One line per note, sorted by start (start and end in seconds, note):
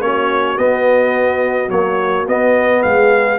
0.00 0.56 A#3
0.00 0.57 C#4
0.00 2.81 F#4
0.00 0.57 C#5
0.57 1.70 B3
0.57 1.68 B3
0.57 1.69 D#5
1.68 2.24 F#3
1.68 2.27 A#3
1.68 2.26 C#5
2.27 2.83 B3
2.27 3.38 B3
2.27 2.82 D#5
2.81 3.38 G#3
2.81 3.37 G#4
2.81 3.38 F5